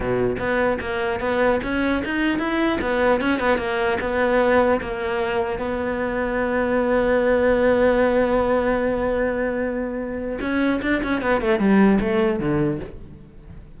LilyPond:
\new Staff \with { instrumentName = "cello" } { \time 4/4 \tempo 4 = 150 b,4 b4 ais4 b4 | cis'4 dis'4 e'4 b4 | cis'8 b8 ais4 b2 | ais2 b2~ |
b1~ | b1~ | b2 cis'4 d'8 cis'8 | b8 a8 g4 a4 d4 | }